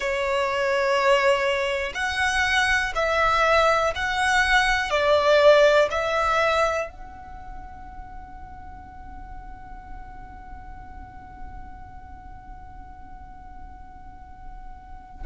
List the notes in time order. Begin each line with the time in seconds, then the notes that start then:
0.00 C#5
1.94 F#5
2.95 E5
3.95 F#5
4.90 D5
5.90 E5
6.89 F#5